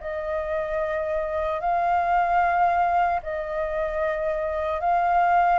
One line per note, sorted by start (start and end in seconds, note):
0.00 1.60 D#5
1.60 3.20 F5
3.22 4.80 D#5
4.80 5.58 F5